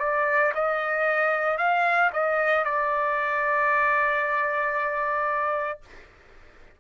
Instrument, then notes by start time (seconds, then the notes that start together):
trumpet
0.00 D5
0.55 D#5
1.58 F5
2.13 D#5
2.65 D5